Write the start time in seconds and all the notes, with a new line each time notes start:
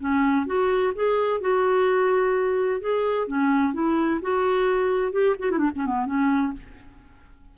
0.00 C#4
0.46 F#4
0.95 G#4
1.41 F#4
2.81 G#4
3.27 C#4
3.74 E4
4.22 F#4
5.12 G4
5.39 F#4
5.51 E4
5.59 D4
5.76 C#4
5.86 B3
6.06 C#4